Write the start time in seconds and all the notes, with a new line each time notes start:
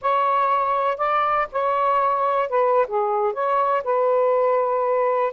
0.01 C#5
0.97 D5
1.52 C#5
2.49 B4
2.87 G#4
3.33 C#5
3.84 B4